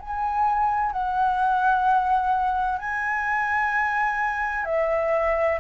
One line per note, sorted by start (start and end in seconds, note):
0.00 0.92 G#5
0.92 2.79 F#5
2.79 4.65 G#5
4.65 5.59 E5